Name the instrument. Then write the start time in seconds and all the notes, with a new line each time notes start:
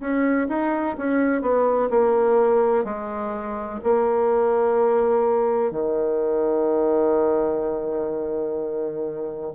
bassoon
0.00 C#4
0.48 D#4
0.97 C#4
1.42 B3
1.90 A#3
2.84 G#3
3.83 A#3
5.71 D#3